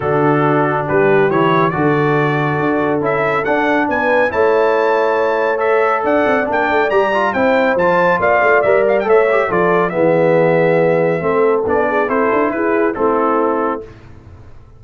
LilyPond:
<<
  \new Staff \with { instrumentName = "trumpet" } { \time 4/4 \tempo 4 = 139 a'2 b'4 cis''4 | d''2. e''4 | fis''4 gis''4 a''2~ | a''4 e''4 fis''4 g''4 |
ais''4 g''4 a''4 f''4 | e''8 f''16 g''16 e''4 d''4 e''4~ | e''2. d''4 | c''4 b'4 a'2 | }
  \new Staff \with { instrumentName = "horn" } { \time 4/4 fis'2 g'2 | a'1~ | a'4 b'4 cis''2~ | cis''2 d''2~ |
d''4 c''2 d''4~ | d''4 cis''4 a'4 gis'4~ | gis'2 a'4. gis'8 | a'4 gis'4 e'2 | }
  \new Staff \with { instrumentName = "trombone" } { \time 4/4 d'2. e'4 | fis'2. e'4 | d'2 e'2~ | e'4 a'2 d'4 |
g'8 f'8 e'4 f'2 | ais'4 a'8 g'8 f'4 b4~ | b2 c'4 d'4 | e'2 c'2 | }
  \new Staff \with { instrumentName = "tuba" } { \time 4/4 d2 g4 e4 | d2 d'4 cis'4 | d'4 b4 a2~ | a2 d'8 c'8 ais8 a8 |
g4 c'4 f4 ais8 a8 | g4 a4 f4 e4~ | e2 a4 b4 | c'8 d'8 e'4 a2 | }
>>